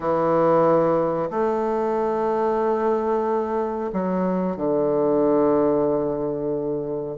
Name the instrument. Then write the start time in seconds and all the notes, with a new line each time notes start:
bassoon
0.00 E3
1.30 A3
3.92 F#3
4.56 D3